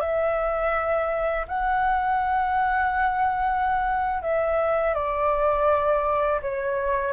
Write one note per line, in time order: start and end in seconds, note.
0.00 1.46 E5
1.48 4.22 F#5
4.22 4.94 E5
4.94 6.41 D5
6.41 7.13 C#5